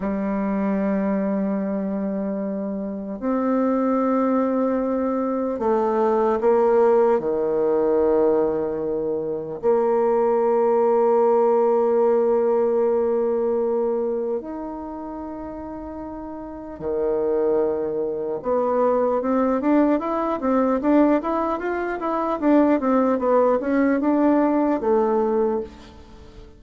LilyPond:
\new Staff \with { instrumentName = "bassoon" } { \time 4/4 \tempo 4 = 75 g1 | c'2. a4 | ais4 dis2. | ais1~ |
ais2 dis'2~ | dis'4 dis2 b4 | c'8 d'8 e'8 c'8 d'8 e'8 f'8 e'8 | d'8 c'8 b8 cis'8 d'4 a4 | }